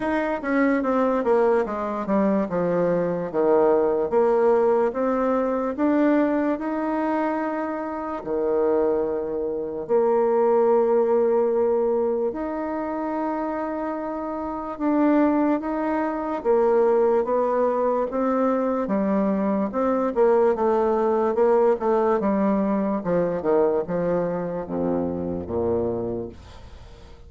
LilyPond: \new Staff \with { instrumentName = "bassoon" } { \time 4/4 \tempo 4 = 73 dis'8 cis'8 c'8 ais8 gis8 g8 f4 | dis4 ais4 c'4 d'4 | dis'2 dis2 | ais2. dis'4~ |
dis'2 d'4 dis'4 | ais4 b4 c'4 g4 | c'8 ais8 a4 ais8 a8 g4 | f8 dis8 f4 f,4 ais,4 | }